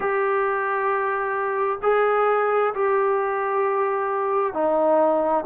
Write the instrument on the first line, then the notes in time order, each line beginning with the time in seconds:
trombone
0.00 G4
1.82 G#4
2.74 G4
4.53 D#4